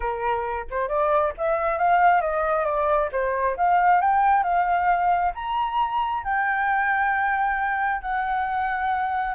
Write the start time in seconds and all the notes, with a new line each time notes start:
0.00 A#4
0.70 C5
0.88 D5
1.37 E5
1.78 F5
2.21 D#5
2.65 D5
3.12 C5
3.57 F5
4.01 G5
4.43 F5
5.34 A#5
6.23 G5
8.01 F#5